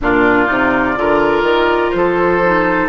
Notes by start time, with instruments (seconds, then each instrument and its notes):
0.01 bassoon A#2, clarinet D4, oboe F4, flute D5
0.46 bassoon C3, clarinet D#4
0.96 bassoon D3, clarinet F4, oboe A#4
1.42 bassoon D#3
1.90 bassoon F3, flute C5
1.97 oboe A4
2.45 clarinet D#4